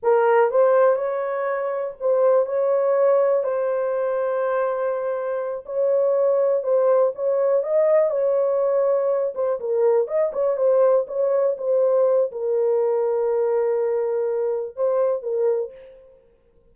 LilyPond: \new Staff \with { instrumentName = "horn" } { \time 4/4 \tempo 4 = 122 ais'4 c''4 cis''2 | c''4 cis''2 c''4~ | c''2.~ c''8 cis''8~ | cis''4. c''4 cis''4 dis''8~ |
dis''8 cis''2~ cis''8 c''8 ais'8~ | ais'8 dis''8 cis''8 c''4 cis''4 c''8~ | c''4 ais'2.~ | ais'2 c''4 ais'4 | }